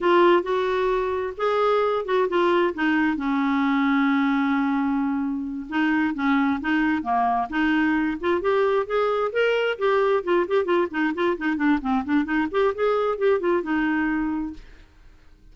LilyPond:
\new Staff \with { instrumentName = "clarinet" } { \time 4/4 \tempo 4 = 132 f'4 fis'2 gis'4~ | gis'8 fis'8 f'4 dis'4 cis'4~ | cis'1~ | cis'8 dis'4 cis'4 dis'4 ais8~ |
ais8 dis'4. f'8 g'4 gis'8~ | gis'8 ais'4 g'4 f'8 g'8 f'8 | dis'8 f'8 dis'8 d'8 c'8 d'8 dis'8 g'8 | gis'4 g'8 f'8 dis'2 | }